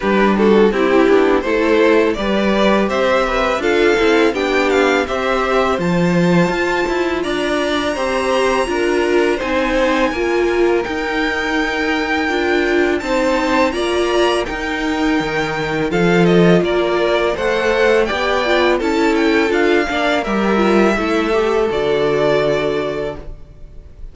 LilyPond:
<<
  \new Staff \with { instrumentName = "violin" } { \time 4/4 \tempo 4 = 83 b'8 a'8 g'4 c''4 d''4 | e''4 f''4 g''8 f''8 e''4 | a''2 ais''2~ | ais''4 gis''2 g''4~ |
g''2 a''4 ais''4 | g''2 f''8 dis''8 d''4 | fis''4 g''4 a''8 g''8 f''4 | e''2 d''2 | }
  \new Staff \with { instrumentName = "violin" } { \time 4/4 g'8 fis'8 e'4 a'4 b'4 | c''8 b'8 a'4 g'4 c''4~ | c''2 d''4 c''4 | ais'4 c''4 ais'2~ |
ais'2 c''4 d''4 | ais'2 a'4 ais'4 | c''4 d''4 a'4. d''8 | ais'4 a'2. | }
  \new Staff \with { instrumentName = "viola" } { \time 4/4 d'4 e'8 d'8 e'4 g'4~ | g'4 f'8 e'8 d'4 g'4 | f'2. g'4 | f'4 dis'4 f'4 dis'4~ |
dis'4 f'4 dis'4 f'4 | dis'2 f'2 | a'4 g'8 f'8 e'4 f'8 d'8 | g'8 f'8 e'8 g'8 fis'2 | }
  \new Staff \with { instrumentName = "cello" } { \time 4/4 g4 c'8 b8 a4 g4 | c'4 d'8 c'8 b4 c'4 | f4 f'8 e'8 d'4 c'4 | d'4 c'4 ais4 dis'4~ |
dis'4 d'4 c'4 ais4 | dis'4 dis4 f4 ais4 | a4 b4 cis'4 d'8 ais8 | g4 a4 d2 | }
>>